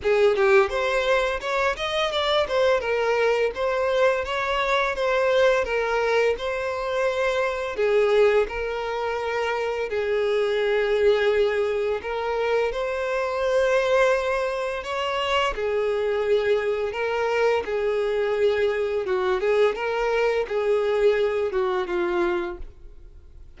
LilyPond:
\new Staff \with { instrumentName = "violin" } { \time 4/4 \tempo 4 = 85 gis'8 g'8 c''4 cis''8 dis''8 d''8 c''8 | ais'4 c''4 cis''4 c''4 | ais'4 c''2 gis'4 | ais'2 gis'2~ |
gis'4 ais'4 c''2~ | c''4 cis''4 gis'2 | ais'4 gis'2 fis'8 gis'8 | ais'4 gis'4. fis'8 f'4 | }